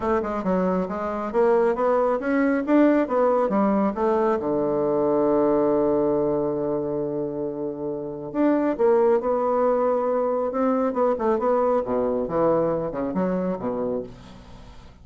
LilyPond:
\new Staff \with { instrumentName = "bassoon" } { \time 4/4 \tempo 4 = 137 a8 gis8 fis4 gis4 ais4 | b4 cis'4 d'4 b4 | g4 a4 d2~ | d1~ |
d2. d'4 | ais4 b2. | c'4 b8 a8 b4 b,4 | e4. cis8 fis4 b,4 | }